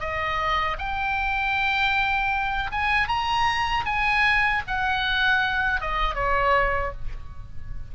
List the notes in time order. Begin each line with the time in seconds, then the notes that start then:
0.00 D#5
0.79 G5
2.72 G#5
3.08 A#5
3.85 G#5
4.67 F#5
5.81 D#5
6.15 C#5